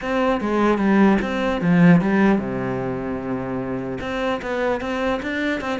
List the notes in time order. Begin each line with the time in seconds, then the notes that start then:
0.01 C4
0.40 G#3
0.78 G3
1.21 C4
1.61 F3
2.01 G3
2.38 C3
4.00 C4
4.42 B3
4.80 C4
5.22 D4
5.60 C4